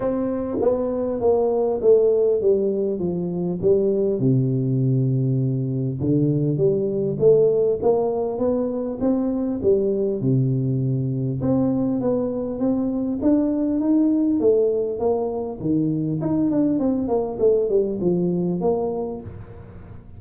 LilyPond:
\new Staff \with { instrumentName = "tuba" } { \time 4/4 \tempo 4 = 100 c'4 b4 ais4 a4 | g4 f4 g4 c4~ | c2 d4 g4 | a4 ais4 b4 c'4 |
g4 c2 c'4 | b4 c'4 d'4 dis'4 | a4 ais4 dis4 dis'8 d'8 | c'8 ais8 a8 g8 f4 ais4 | }